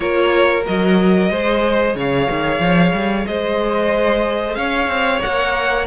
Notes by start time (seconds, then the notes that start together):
0.00 A#3 F4 A#4 C#5
0.65 F#3 F#4 D#5
1.30 G#3 G#4 C5
1.95 C#3 C#5 F5
2.30 D#3
2.59 F3
2.93 G3
3.26 G#3 C5 D#5
4.54 C#4 C#5 F5
4.87 C4
5.20 A#3 A#4 F#5